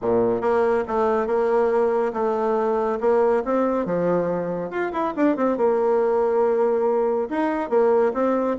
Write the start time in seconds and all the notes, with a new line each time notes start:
0.01 A#2
0.41 A#3
0.87 A3
1.26 A#3
2.13 A3
3.00 A#3
3.44 C4
3.85 F3
4.70 F4
4.92 E4
5.16 D4
5.36 C4
5.57 A#3
7.29 D#4
7.69 A#3
8.13 C4